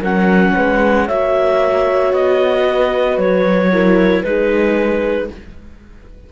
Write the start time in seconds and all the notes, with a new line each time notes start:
0.00 F#3 C#4 A#4 F#5
0.55 G#3 B4
1.06 A#3 F#4 C#5 E5
2.12 B3 D#5
2.67 B4
3.17 F#3 C#5
3.73 E4 A#4
4.23 G#3 D#4 G#4 B4